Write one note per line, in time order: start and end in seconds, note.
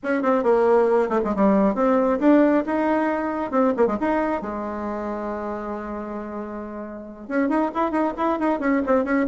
0.03 0.22 C#4
0.22 0.43 C4
0.43 1.09 A#3
1.09 1.20 A3
1.24 1.35 G#3
1.35 1.74 G3
1.74 2.19 C4
2.19 2.64 D4
2.66 3.51 D#4
3.51 3.73 C4
3.76 3.86 A#3
3.86 3.97 G#3
3.99 4.41 D#4
4.41 7.28 G#3
7.28 7.48 C#4
7.48 7.70 D#4
7.74 7.91 E4
7.91 8.13 D#4
8.17 8.39 E4
8.39 8.59 D#4
8.59 8.81 C#4
8.86 9.04 C4
9.04 9.26 C#4